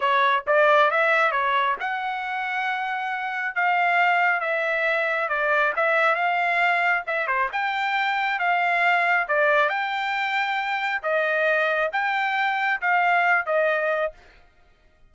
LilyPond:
\new Staff \with { instrumentName = "trumpet" } { \time 4/4 \tempo 4 = 136 cis''4 d''4 e''4 cis''4 | fis''1 | f''2 e''2 | d''4 e''4 f''2 |
e''8 c''8 g''2 f''4~ | f''4 d''4 g''2~ | g''4 dis''2 g''4~ | g''4 f''4. dis''4. | }